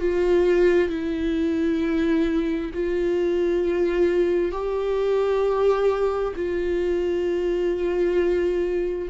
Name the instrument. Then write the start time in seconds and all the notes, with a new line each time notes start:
viola
0.00 F4
0.90 E4
2.74 F4
4.52 G4
6.36 F4